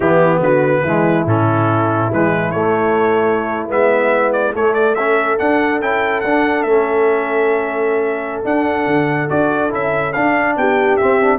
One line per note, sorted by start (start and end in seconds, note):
0.00 0.40 E3
0.00 0.86 B3
0.00 0.41 E4
0.00 0.42 G4
0.40 0.82 D3
0.40 0.83 F#4
0.40 1.27 B4
0.83 1.25 E3
0.83 1.27 G#3
0.83 4.95 E4
1.25 2.10 A2
1.25 2.11 C#4
1.25 2.12 A4
2.12 2.53 E3
2.12 2.54 G#3
2.12 2.51 B4
2.51 3.69 A3
2.51 3.68 A3
2.51 3.67 C#5
3.68 4.54 G#3
3.68 4.53 B3
3.68 4.32 E5
4.32 4.53 D5
4.54 4.96 A3
4.54 5.38 A3
4.54 4.73 C#5
4.73 4.94 D5
4.94 5.37 C#4
4.94 10.55 A4
4.94 5.37 E5
5.37 5.80 D4
5.37 5.81 D4
5.37 5.81 F#5
5.81 6.23 C#4
5.81 6.24 E4
5.81 6.21 G5
6.21 6.64 D4
6.21 6.67 D4
6.21 6.62 F#5
6.62 8.43 A3
6.62 8.44 C#4
6.62 8.42 E5
8.44 8.86 D4
8.44 9.29 D4
8.44 9.29 F#5
8.86 9.28 D3
9.29 9.72 D4
9.29 9.69 F#4
9.29 9.71 D5
9.69 10.15 C#4
9.69 10.12 E4
9.69 10.12 E5
10.12 11.00 D4
10.12 10.56 D4
10.12 10.55 F5
10.56 10.98 B3
10.56 11.38 G4
10.56 10.97 G5
10.97 11.21 C4
10.97 11.38 C4
10.97 11.38 E5
11.21 11.38 D4